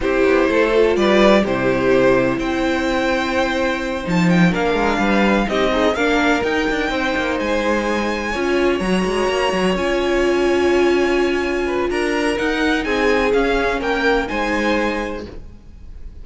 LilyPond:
<<
  \new Staff \with { instrumentName = "violin" } { \time 4/4 \tempo 4 = 126 c''2 d''4 c''4~ | c''4 g''2.~ | g''8 a''8 g''8 f''2 dis''8~ | dis''8 f''4 g''2 gis''8~ |
gis''2~ gis''8 ais''4.~ | ais''8 gis''2.~ gis''8~ | gis''4 ais''4 fis''4 gis''4 | f''4 g''4 gis''2 | }
  \new Staff \with { instrumentName = "violin" } { \time 4/4 g'4 a'4 b'4 g'4~ | g'4 c''2.~ | c''4. ais'4 b'4 g'8 | dis'8 ais'2 c''4.~ |
c''4. cis''2~ cis''8~ | cis''1~ | cis''8 b'8 ais'2 gis'4~ | gis'4 ais'4 c''2 | }
  \new Staff \with { instrumentName = "viola" } { \time 4/4 e'4. f'4. e'4~ | e'1~ | e'8 dis'4 d'2 dis'8 | gis'8 d'4 dis'2~ dis'8~ |
dis'4. f'4 fis'4.~ | fis'8 f'2.~ f'8~ | f'2 dis'2 | cis'2 dis'2 | }
  \new Staff \with { instrumentName = "cello" } { \time 4/4 c'8 b8 a4 g4 c4~ | c4 c'2.~ | c'8 f4 ais8 gis8 g4 c'8~ | c'8 ais4 dis'8 d'8 c'8 ais8 gis8~ |
gis4. cis'4 fis8 gis8 ais8 | fis8 cis'2.~ cis'8~ | cis'4 d'4 dis'4 c'4 | cis'4 ais4 gis2 | }
>>